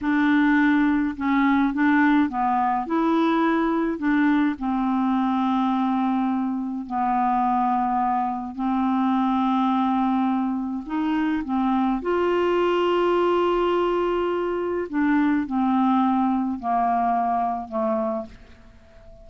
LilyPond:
\new Staff \with { instrumentName = "clarinet" } { \time 4/4 \tempo 4 = 105 d'2 cis'4 d'4 | b4 e'2 d'4 | c'1 | b2. c'4~ |
c'2. dis'4 | c'4 f'2.~ | f'2 d'4 c'4~ | c'4 ais2 a4 | }